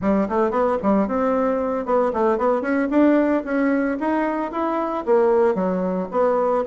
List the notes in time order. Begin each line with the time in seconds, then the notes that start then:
0.01 G3
0.28 A3
0.50 B3
0.82 G3
1.07 C4
1.85 B3
2.13 A3
2.37 B3
2.61 C#4
2.90 D4
3.44 C#4
3.99 D#4
4.51 E4
5.05 A#3
5.54 F#3
6.11 B3